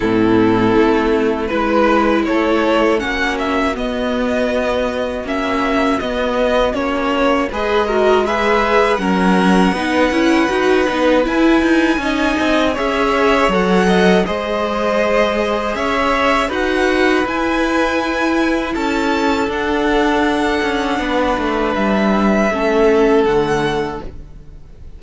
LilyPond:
<<
  \new Staff \with { instrumentName = "violin" } { \time 4/4 \tempo 4 = 80 a'2 b'4 cis''4 | fis''8 e''8 dis''2 e''4 | dis''4 cis''4 dis''4 e''4 | fis''2. gis''4~ |
gis''4 e''4 fis''4 dis''4~ | dis''4 e''4 fis''4 gis''4~ | gis''4 a''4 fis''2~ | fis''4 e''2 fis''4 | }
  \new Staff \with { instrumentName = "violin" } { \time 4/4 e'2 b'4 a'4 | fis'1~ | fis'2 b'8 ais'8 b'4 | ais'4 b'2. |
dis''4 cis''4. dis''8 c''4~ | c''4 cis''4 b'2~ | b'4 a'2. | b'2 a'2 | }
  \new Staff \with { instrumentName = "viola" } { \time 4/4 c'2 e'2 | cis'4 b2 cis'4 | b4 cis'4 gis'8 fis'8 gis'4 | cis'4 dis'8 e'8 fis'8 dis'8 e'4 |
dis'4 gis'4 a'4 gis'4~ | gis'2 fis'4 e'4~ | e'2 d'2~ | d'2 cis'4 a4 | }
  \new Staff \with { instrumentName = "cello" } { \time 4/4 a,4 a4 gis4 a4 | ais4 b2 ais4 | b4 ais4 gis2 | fis4 b8 cis'8 dis'8 b8 e'8 dis'8 |
cis'8 c'8 cis'4 fis4 gis4~ | gis4 cis'4 dis'4 e'4~ | e'4 cis'4 d'4. cis'8 | b8 a8 g4 a4 d4 | }
>>